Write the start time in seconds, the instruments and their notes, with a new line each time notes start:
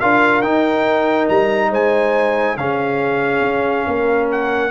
0.00 tuba D4, trombone F4, horn A#4, trumpet F5
0.42 tuba D#4, trombone D#4, trumpet G5
1.28 tuba G3, trumpet A#5
1.70 tuba G#3, horn C5, trumpet G#5
2.57 tuba C#3, trombone C#4, horn G#4, trumpet F5
3.41 tuba C#4
3.87 tuba A#3, horn A#4
4.31 trumpet F#5